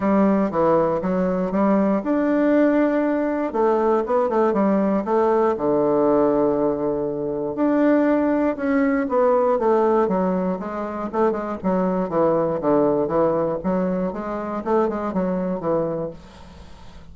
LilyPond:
\new Staff \with { instrumentName = "bassoon" } { \time 4/4 \tempo 4 = 119 g4 e4 fis4 g4 | d'2. a4 | b8 a8 g4 a4 d4~ | d2. d'4~ |
d'4 cis'4 b4 a4 | fis4 gis4 a8 gis8 fis4 | e4 d4 e4 fis4 | gis4 a8 gis8 fis4 e4 | }